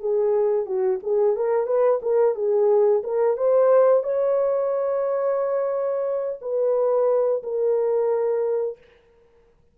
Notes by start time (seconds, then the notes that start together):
0.00 G#4
0.66 F#4
1.04 G#4
1.37 A#4
1.67 B4
2.03 A#4
2.35 G#4
3.04 A#4
3.37 C5
4.04 C#5
6.42 B4
7.43 A#4